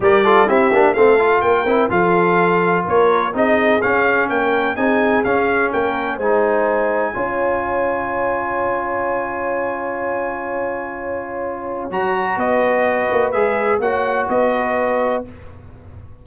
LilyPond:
<<
  \new Staff \with { instrumentName = "trumpet" } { \time 4/4 \tempo 4 = 126 d''4 e''4 f''4 g''4 | f''2 cis''4 dis''4 | f''4 g''4 gis''4 f''4 | g''4 gis''2.~ |
gis''1~ | gis''1~ | gis''4 ais''4 dis''2 | e''4 fis''4 dis''2 | }
  \new Staff \with { instrumentName = "horn" } { \time 4/4 ais'8 a'8 g'4 a'4 ais'4 | a'2 ais'4 gis'4~ | gis'4 ais'4 gis'2 | ais'4 c''2 cis''4~ |
cis''1~ | cis''1~ | cis''2 b'2~ | b'4 cis''4 b'2 | }
  \new Staff \with { instrumentName = "trombone" } { \time 4/4 g'8 f'8 e'8 d'8 c'8 f'4 e'8 | f'2. dis'4 | cis'2 dis'4 cis'4~ | cis'4 dis'2 f'4~ |
f'1~ | f'1~ | f'4 fis'2. | gis'4 fis'2. | }
  \new Staff \with { instrumentName = "tuba" } { \time 4/4 g4 c'8 ais8 a4 ais8 c'8 | f2 ais4 c'4 | cis'4 ais4 c'4 cis'4 | ais4 gis2 cis'4~ |
cis'1~ | cis'1~ | cis'4 fis4 b4. ais8 | gis4 ais4 b2 | }
>>